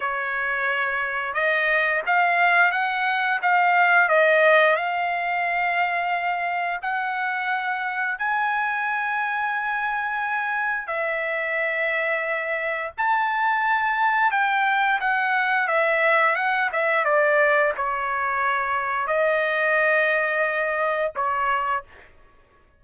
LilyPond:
\new Staff \with { instrumentName = "trumpet" } { \time 4/4 \tempo 4 = 88 cis''2 dis''4 f''4 | fis''4 f''4 dis''4 f''4~ | f''2 fis''2 | gis''1 |
e''2. a''4~ | a''4 g''4 fis''4 e''4 | fis''8 e''8 d''4 cis''2 | dis''2. cis''4 | }